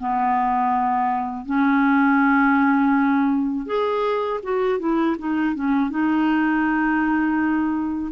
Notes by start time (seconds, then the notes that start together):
0.00 B3
1.46 C#4
3.67 G#4
4.43 F#4
4.79 E4
5.19 D#4
5.56 C#4
5.91 D#4